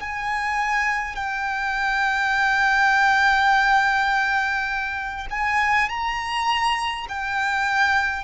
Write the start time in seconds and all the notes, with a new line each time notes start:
0.00 G#5
1.16 G5
5.30 G#5
5.89 A#5
7.09 G5